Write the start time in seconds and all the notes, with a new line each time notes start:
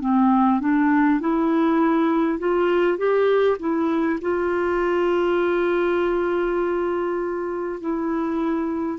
0.00 C4
0.61 D4
1.20 E4
2.39 F4
2.97 G4
3.59 E4
4.21 F4
7.81 E4